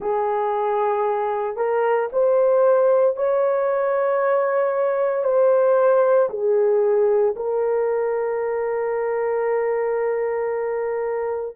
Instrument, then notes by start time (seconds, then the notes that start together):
horn
0.00 G#4
1.56 A#4
2.12 C5
3.16 C#5
5.23 C5
6.29 G#4
7.35 A#4